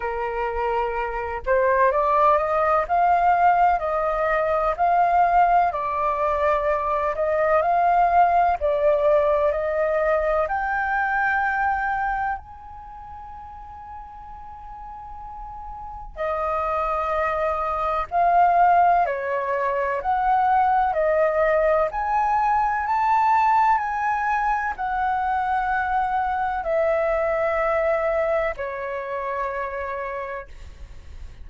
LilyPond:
\new Staff \with { instrumentName = "flute" } { \time 4/4 \tempo 4 = 63 ais'4. c''8 d''8 dis''8 f''4 | dis''4 f''4 d''4. dis''8 | f''4 d''4 dis''4 g''4~ | g''4 gis''2.~ |
gis''4 dis''2 f''4 | cis''4 fis''4 dis''4 gis''4 | a''4 gis''4 fis''2 | e''2 cis''2 | }